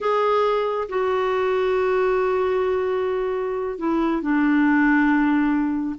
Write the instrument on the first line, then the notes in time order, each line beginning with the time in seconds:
clarinet
0.00 G#4
0.88 F#4
3.78 E4
4.22 D4